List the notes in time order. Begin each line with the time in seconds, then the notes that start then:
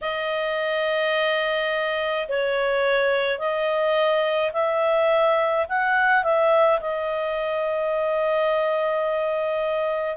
0.01 D#5
2.28 C#5
3.39 D#5
4.53 E5
5.69 F#5
6.23 E5
6.80 D#5